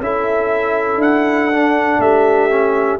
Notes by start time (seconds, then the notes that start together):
0.00 C#4 E4 A4 E5
0.97 D4 F#5
1.52 D4
1.99 A3 G4 E5
2.50 C#4